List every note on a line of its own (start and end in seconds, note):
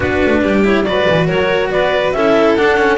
0.00 0.21 B3
0.00 0.64 D4
0.00 0.40 F#4
0.00 0.61 B4
0.25 0.43 A3
0.43 0.86 G3
0.43 0.85 G4
0.64 0.85 E4
0.64 0.84 C#5
0.84 1.07 F#3
0.84 2.15 F#4
0.84 1.26 B4
0.84 1.27 D5
1.08 1.28 E3
1.26 1.69 F#3
1.26 1.69 A#4
1.26 1.70 C#5
1.69 2.12 B3
1.69 2.16 B4
1.69 2.12 D5
2.12 2.56 C#4
2.12 2.58 E4
2.12 2.97 A4
2.12 2.55 E5
2.55 2.77 D4
2.55 2.97 D4
2.55 2.97 F#5
2.77 2.97 C#4